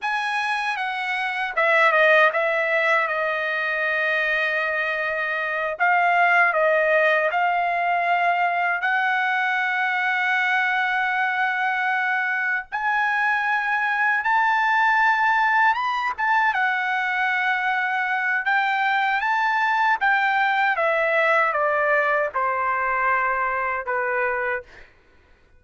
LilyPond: \new Staff \with { instrumentName = "trumpet" } { \time 4/4 \tempo 4 = 78 gis''4 fis''4 e''8 dis''8 e''4 | dis''2.~ dis''8 f''8~ | f''8 dis''4 f''2 fis''8~ | fis''1~ |
fis''8 gis''2 a''4.~ | a''8 b''8 a''8 fis''2~ fis''8 | g''4 a''4 g''4 e''4 | d''4 c''2 b'4 | }